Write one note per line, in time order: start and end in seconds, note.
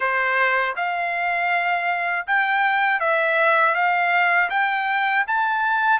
0.00 0.75 C5
0.76 2.26 F5
2.26 3.00 G5
3.00 3.74 E5
3.74 4.49 F5
4.50 5.25 G5
5.27 5.99 A5